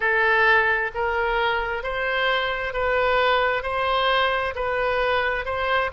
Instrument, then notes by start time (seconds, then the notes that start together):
oboe
0.00 A4
0.94 A#4
1.83 C5
2.73 B4
3.62 C5
4.55 B4
5.45 C5